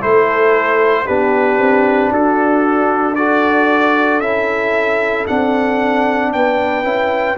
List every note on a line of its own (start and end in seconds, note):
0.00 1.08 A3
0.00 1.05 E4
0.00 1.05 A4
0.00 1.07 C5
1.05 1.58 B3
1.05 3.16 D4
1.05 2.10 G4
1.05 2.12 B4
1.58 2.11 C4
2.10 4.20 D4
2.10 3.16 F#4
2.10 3.15 A4
3.15 4.22 F#4
3.15 6.33 A4
3.15 4.20 D5
4.20 5.26 C#4
4.20 5.27 E4
4.20 5.25 E5
5.27 6.34 C4
5.27 6.84 D4
5.27 6.32 F#5
6.33 6.83 B3
6.33 7.38 B4
6.33 7.38 G5
6.83 7.36 C#4
6.83 7.36 E4